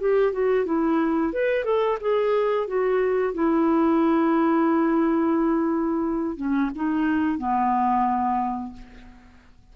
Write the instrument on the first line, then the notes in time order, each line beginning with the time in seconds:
clarinet
0.00 G4
0.33 F#4
0.66 E4
1.33 B4
1.65 A4
2.01 G#4
2.68 F#4
3.34 E4
6.37 C#4
6.75 D#4
7.38 B3